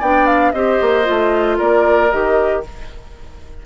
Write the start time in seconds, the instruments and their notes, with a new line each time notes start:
0.00 bassoon B3, clarinet D4, oboe D5, flute G5
0.27 flute F5
0.52 bassoon C4, clarinet G4, oboe C5, flute D#5
0.82 bassoon A#3
1.04 bassoon A3, clarinet F4
1.58 bassoon A#3, oboe A#4, flute D5
2.11 bassoon D#3, clarinet G4, flute D#5